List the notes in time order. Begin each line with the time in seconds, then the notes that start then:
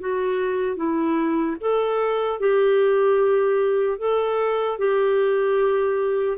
0.00 F#4
0.76 E4
1.60 A4
2.39 G4
3.98 A4
4.78 G4